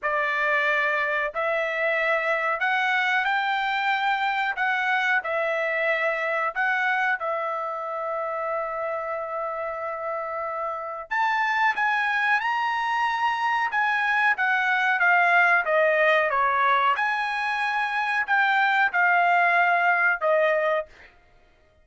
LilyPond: \new Staff \with { instrumentName = "trumpet" } { \time 4/4 \tempo 4 = 92 d''2 e''2 | fis''4 g''2 fis''4 | e''2 fis''4 e''4~ | e''1~ |
e''4 a''4 gis''4 ais''4~ | ais''4 gis''4 fis''4 f''4 | dis''4 cis''4 gis''2 | g''4 f''2 dis''4 | }